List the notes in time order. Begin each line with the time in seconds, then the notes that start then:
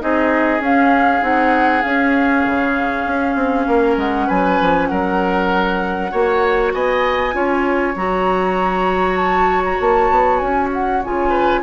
0.00 C4 D#4 G#4 D#5
0.60 C#4 F5
1.21 C4 D#4 F#5
1.83 C#4 F5
2.46 C#3
3.06 C#4
3.35 C4
3.68 A#3 A#4
3.97 G#3 F#5
4.27 F#3 B4 G#5
4.61 F3
4.88 F#3 A#4 F#5
6.11 A#3 F#4 C#5
6.74 B3 D#5 G#5
7.33 C#4 F4 C#5
7.96 F#3 F#4 A#5
9.16 A5
9.65 A#5
9.80 A#3 A5
10.11 B3
10.38 C#4 G#5
10.73 F#5
11.04 C#3 F4 G#5
11.30 B4